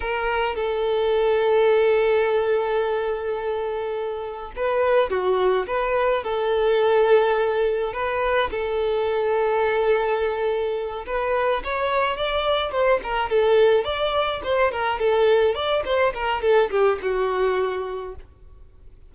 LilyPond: \new Staff \with { instrumentName = "violin" } { \time 4/4 \tempo 4 = 106 ais'4 a'2.~ | a'1 | b'4 fis'4 b'4 a'4~ | a'2 b'4 a'4~ |
a'2.~ a'8 b'8~ | b'8 cis''4 d''4 c''8 ais'8 a'8~ | a'8 d''4 c''8 ais'8 a'4 d''8 | c''8 ais'8 a'8 g'8 fis'2 | }